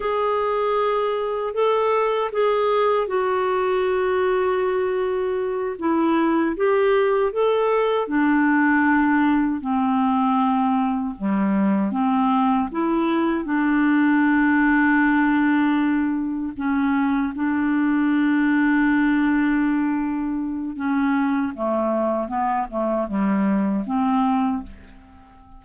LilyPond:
\new Staff \with { instrumentName = "clarinet" } { \time 4/4 \tempo 4 = 78 gis'2 a'4 gis'4 | fis'2.~ fis'8 e'8~ | e'8 g'4 a'4 d'4.~ | d'8 c'2 g4 c'8~ |
c'8 e'4 d'2~ d'8~ | d'4. cis'4 d'4.~ | d'2. cis'4 | a4 b8 a8 g4 c'4 | }